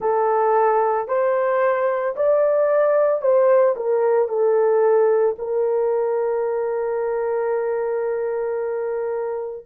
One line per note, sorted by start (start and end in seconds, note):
0.00 1.08 A4
1.08 2.15 C5
2.15 3.21 D5
3.21 3.75 C5
3.75 4.28 A#4
4.28 5.35 A4
5.38 9.65 A#4